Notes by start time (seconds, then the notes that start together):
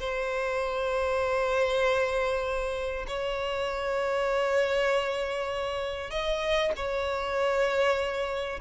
0.00 C5
3.08 C#5
6.11 D#5
6.77 C#5